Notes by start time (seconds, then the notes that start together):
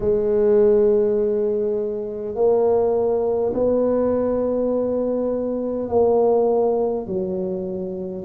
0.00 G#3
2.35 A#3
3.53 B3
5.89 A#3
7.06 F#3